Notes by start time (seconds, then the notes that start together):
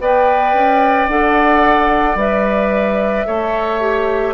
0.00 B3 B4 D5 G5
0.53 C#4
1.08 D4 A4 F#5
2.15 G3 B4 E5
3.27 A3 A4 C#5
3.80 G4